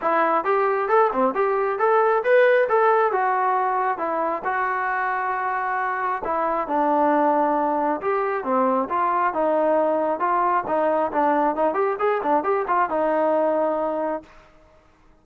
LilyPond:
\new Staff \with { instrumentName = "trombone" } { \time 4/4 \tempo 4 = 135 e'4 g'4 a'8 c'8 g'4 | a'4 b'4 a'4 fis'4~ | fis'4 e'4 fis'2~ | fis'2 e'4 d'4~ |
d'2 g'4 c'4 | f'4 dis'2 f'4 | dis'4 d'4 dis'8 g'8 gis'8 d'8 | g'8 f'8 dis'2. | }